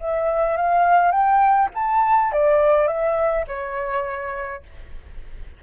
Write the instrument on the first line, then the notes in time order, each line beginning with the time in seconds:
flute
0.00 E5
0.57 F5
1.12 G5
1.75 A5
2.33 D5
2.88 E5
3.48 C#5